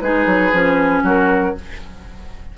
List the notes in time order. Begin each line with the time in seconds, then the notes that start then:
0.00 G#3 D#4 G#4 B4
0.26 F#3
0.52 F3 C#4
1.02 F#3 F#4 A#4